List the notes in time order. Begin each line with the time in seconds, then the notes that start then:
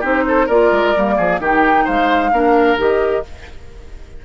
0.00 C4 D#4 G4 C5
0.28 A4
0.46 A#3 F4 A#4 D5
0.72 G#3
0.96 G3 A#3
1.17 F3 G#4
1.40 D#3 D#4 G4 G5
1.84 G#3 C5 F5
2.32 A#3 D4 A#4
2.77 D#3 G4 D#5